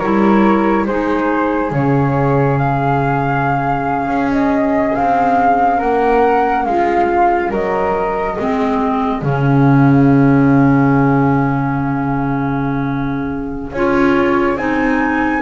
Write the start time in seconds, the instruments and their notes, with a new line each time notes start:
0.00 double bass G3, clarinet E4, flute A#4 C#5
0.86 double bass G#3, clarinet D#4, flute G#4 C5
1.71 double bass C#3, clarinet C#4, flute C#5
2.58 flute F5
4.08 double bass C#4
4.32 flute D#5
4.96 double bass C4, flute F5
5.78 double bass A#3, flute A#4 F#5
6.66 double bass G#3, flute F4 F5
7.51 double bass F#3, flute A#4 D#5
8.37 double bass G#3, clarinet C4, flute G#4
9.22 double bass C#3, clarinet C#4, flute F5
13.73 double bass C#4, clarinet F4, flute C#5
14.56 double bass C4, clarinet D#4, flute G#5